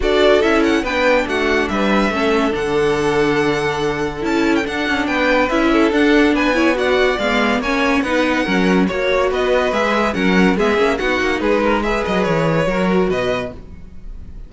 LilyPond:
<<
  \new Staff \with { instrumentName = "violin" } { \time 4/4 \tempo 4 = 142 d''4 e''8 fis''8 g''4 fis''4 | e''2 fis''2~ | fis''2 a''8. g''16 fis''4 | g''4 e''4 fis''4 gis''4 |
fis''4 f''4 gis''4 fis''4~ | fis''4 cis''4 dis''4 e''4 | fis''4 e''4 fis''4 b'4 | e''8 dis''8 cis''2 dis''4 | }
  \new Staff \with { instrumentName = "violin" } { \time 4/4 a'2 b'4 fis'4 | b'4 a'2.~ | a'1 | b'4. a'4. b'8 cis''8 |
d''2 cis''4 b'4 | ais'4 cis''4 b'2 | ais'4 gis'4 fis'4 gis'8 ais'8 | b'2 ais'4 b'4 | }
  \new Staff \with { instrumentName = "viola" } { \time 4/4 fis'4 e'4 d'2~ | d'4 cis'4 d'2~ | d'2 e'4 d'4~ | d'4 e'4 d'4. e'8 |
fis'4 b4 cis'4 dis'4 | cis'4 fis'2 gis'4 | cis'4 b8 cis'8 dis'2 | gis'2 fis'2 | }
  \new Staff \with { instrumentName = "cello" } { \time 4/4 d'4 cis'4 b4 a4 | g4 a4 d2~ | d2 cis'4 d'8 cis'8 | b4 cis'4 d'4 b4~ |
b4 gis4 ais4 b4 | fis4 ais4 b4 gis4 | fis4 gis8 ais8 b8 ais8 gis4~ | gis8 fis8 e4 fis4 b,4 | }
>>